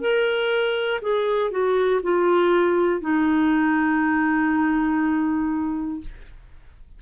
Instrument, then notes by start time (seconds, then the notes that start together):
clarinet
0.00 A#4
1.01 G#4
1.50 F#4
2.03 F4
3.00 D#4